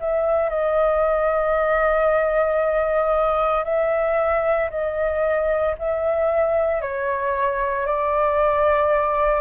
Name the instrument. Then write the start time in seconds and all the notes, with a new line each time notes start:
flute
0.00 E5
0.49 D#5
3.65 E5
4.70 D#5
5.79 E5
6.82 C#5
7.86 D5